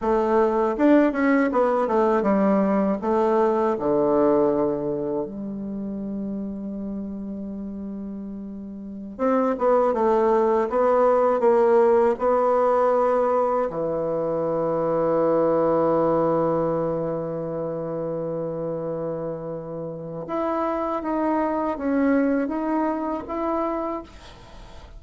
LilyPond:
\new Staff \with { instrumentName = "bassoon" } { \time 4/4 \tempo 4 = 80 a4 d'8 cis'8 b8 a8 g4 | a4 d2 g4~ | g1~ | g16 c'8 b8 a4 b4 ais8.~ |
ais16 b2 e4.~ e16~ | e1~ | e2. e'4 | dis'4 cis'4 dis'4 e'4 | }